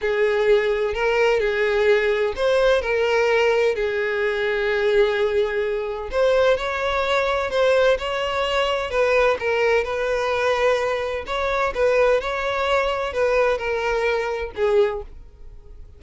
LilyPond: \new Staff \with { instrumentName = "violin" } { \time 4/4 \tempo 4 = 128 gis'2 ais'4 gis'4~ | gis'4 c''4 ais'2 | gis'1~ | gis'4 c''4 cis''2 |
c''4 cis''2 b'4 | ais'4 b'2. | cis''4 b'4 cis''2 | b'4 ais'2 gis'4 | }